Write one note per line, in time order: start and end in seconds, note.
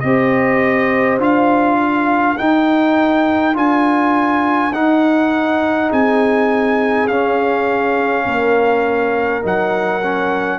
0.00 1.18 C4
0.00 1.19 G4
0.00 1.79 C5
0.00 1.18 D#5
1.18 2.36 D4
1.18 2.37 F4
1.18 2.37 F5
1.79 5.90 A#4
2.37 3.54 D#4
2.37 3.55 D#4
2.37 3.55 G5
3.54 4.72 D4
3.54 4.71 F4
3.54 4.73 G#5
4.72 5.90 D#4
4.72 7.09 D#4
4.72 5.91 F#5
5.90 7.08 C4
5.90 8.25 G#4
5.90 7.07 G#5
7.07 8.25 C#4
7.07 9.42 C#4
7.07 9.43 F5
8.25 9.44 A#3
8.25 10.59 A#4
9.42 10.59 F#3
9.42 10.01 D#4
9.42 10.59 F#5
10.03 10.59 C#4